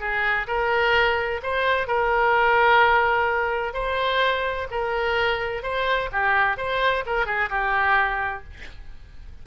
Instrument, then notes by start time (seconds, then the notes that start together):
oboe
0.00 G#4
0.47 A#4
1.43 C5
1.87 A#4
3.74 C5
4.71 A#4
5.63 C5
6.12 G4
6.57 C5
7.06 A#4
7.26 G#4
7.50 G4